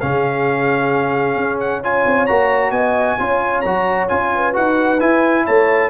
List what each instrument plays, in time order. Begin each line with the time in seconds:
0.00 tuba C#3, trombone C#4, horn G#4, trumpet F5
1.36 tuba C#4
1.60 trumpet F#5
1.83 trombone F4, horn C#5, trumpet G#5
2.06 tuba C4
2.26 tuba A#3, trombone F#4, trumpet A#5
2.71 tuba B3, horn D#5, trumpet G#5
3.19 tuba C#4, trombone F4, horn C#5
3.61 tuba F#3, trombone F#4, trumpet A#5
4.08 tuba C#4, trombone F4, trumpet G#5
4.34 horn B4
4.53 tuba D#4, trombone F#4, trumpet F#5
5.00 trombone E4, tuba E4, trumpet G#5
5.45 tuba A3, horn C#5, trumpet A5